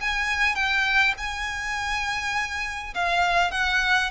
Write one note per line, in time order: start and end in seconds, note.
0.00 0.55 G#5
0.55 1.14 G5
1.17 2.94 G#5
2.94 3.51 F5
3.51 4.10 F#5